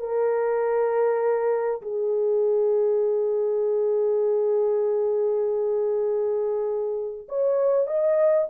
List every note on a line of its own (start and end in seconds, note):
0.00 1.82 A#4
1.82 7.28 G#4
7.29 7.87 C#5
7.87 8.48 D#5